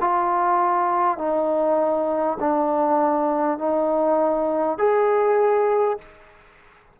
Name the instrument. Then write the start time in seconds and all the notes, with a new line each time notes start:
trombone
0.00 F4
1.18 D#4
2.39 D4
3.58 D#4
4.78 G#4